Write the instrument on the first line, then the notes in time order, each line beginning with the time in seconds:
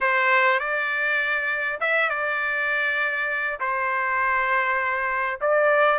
trumpet
0.00 C5
0.59 D5
1.80 E5
2.09 D5
3.59 C5
5.41 D5